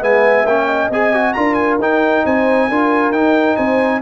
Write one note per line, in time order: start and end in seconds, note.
0.00 0.45 G#3
0.00 0.44 B3
0.00 0.67 E5
0.00 0.46 G#5
0.45 0.89 A#3
0.45 0.92 C#4
0.45 0.90 G5
0.67 1.34 D#5
0.90 1.34 C4
0.90 1.14 G#4
0.90 1.33 G#5
1.14 1.35 F#4
1.33 1.78 D4
1.33 1.79 F4
1.33 2.25 A#4
1.33 1.54 A#5
1.54 1.76 G#5
1.78 2.23 D#4
1.78 2.70 D#4
1.78 2.25 G5
2.25 2.69 C4
2.25 2.68 C5
2.25 3.12 G#5
2.68 3.11 D4
2.68 3.13 F4
2.68 3.56 A#4
3.11 3.55 D#4
3.11 4.02 D#4
3.11 3.56 G5
3.56 4.02 C4
3.56 4.01 C5
3.56 4.01 G#5